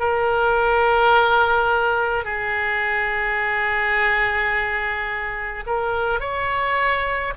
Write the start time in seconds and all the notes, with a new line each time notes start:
0.00 A#4
2.25 G#4
5.67 A#4
6.20 C#5